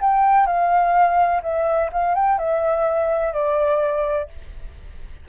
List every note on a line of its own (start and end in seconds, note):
0.00 0.46 G5
0.46 1.42 F5
1.42 1.90 E5
1.92 2.14 F5
2.14 2.38 G5
2.38 3.32 E5
3.32 4.28 D5